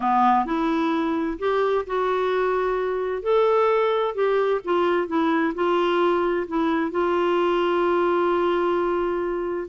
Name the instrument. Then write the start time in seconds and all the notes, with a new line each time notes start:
clarinet
0.00 B3
0.45 E4
1.38 G4
1.86 F#4
3.22 A4
4.14 G4
4.64 F4
5.07 E4
5.54 F4
6.47 E4
6.91 F4